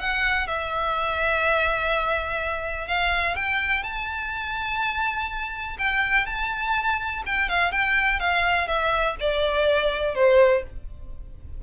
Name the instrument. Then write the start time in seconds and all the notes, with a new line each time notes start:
violin
0.00 F#5
0.48 E5
2.88 F5
3.36 G5
3.84 A5
5.79 G5
6.26 A5
7.26 G5
7.49 F5
7.72 G5
8.20 F5
8.68 E5
9.20 D5
10.15 C5